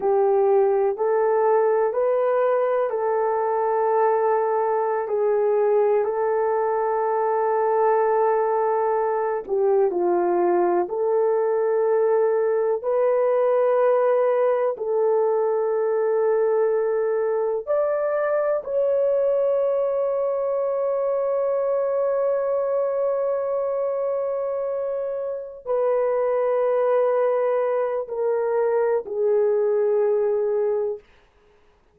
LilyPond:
\new Staff \with { instrumentName = "horn" } { \time 4/4 \tempo 4 = 62 g'4 a'4 b'4 a'4~ | a'4~ a'16 gis'4 a'4.~ a'16~ | a'4.~ a'16 g'8 f'4 a'8.~ | a'4~ a'16 b'2 a'8.~ |
a'2~ a'16 d''4 cis''8.~ | cis''1~ | cis''2~ cis''8 b'4.~ | b'4 ais'4 gis'2 | }